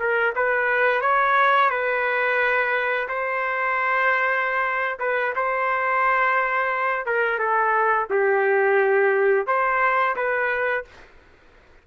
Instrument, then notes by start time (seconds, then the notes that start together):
trumpet
0.00 A#4
0.36 B4
1.01 C#5
1.70 B4
3.09 C5
5.00 B4
5.36 C5
7.06 A#4
7.39 A4
8.10 G4
9.47 C5
10.16 B4